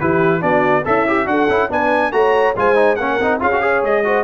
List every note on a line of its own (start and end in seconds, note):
0.00 0.42 E3
0.00 0.41 E4
0.00 0.43 G4
0.00 0.42 B4
0.41 0.85 B3
0.41 0.83 D4
0.41 0.86 F#4
0.41 0.85 D5
0.85 1.27 C#4
0.85 1.29 E4
0.85 1.06 A4
0.85 1.28 E5
1.07 1.26 G4
1.26 1.48 D4
1.26 1.47 F#4
1.26 1.70 A4
1.26 1.70 F#5
1.48 1.69 C#4
1.48 1.69 E4
1.69 2.12 B3
1.69 2.12 D4
1.69 2.13 B4
1.69 2.12 G#5
2.12 2.54 A3
2.12 2.55 F#4
2.12 2.58 C#5
2.12 2.55 A#5
2.56 2.98 G#3
2.56 2.75 F4
2.56 2.99 C5
2.56 2.95 G#5
2.75 2.96 D#4
2.95 3.19 A#3
2.95 3.21 C#4
2.95 3.41 A#4
2.95 3.38 F#5
3.19 3.41 C4
3.19 3.40 D#4
3.40 3.83 C#4
3.40 3.51 F4
3.40 3.62 G#4
3.40 3.84 F5
3.52 3.61 F#4
3.61 4.04 G#4
3.61 4.05 C#5
3.83 4.24 G#3
3.83 4.24 D#5
4.04 4.24 F#4
4.04 4.24 C5